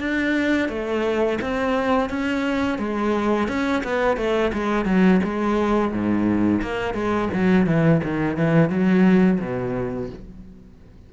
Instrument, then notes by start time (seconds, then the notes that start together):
cello
0.00 D4
0.69 A3
1.42 C4
2.10 C#4
2.79 G#3
3.48 C#4
3.84 B3
4.17 A3
4.54 G#3
4.86 F#3
5.24 G#3
5.92 G#2
6.62 A#3
6.94 G#3
7.34 F#3
7.67 E3
8.04 D#3
8.37 E3
8.70 F#3
9.40 B2